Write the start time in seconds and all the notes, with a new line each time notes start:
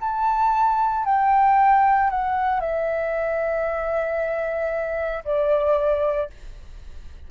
0.00 A5
1.05 G5
2.10 F#5
2.60 E5
5.24 D5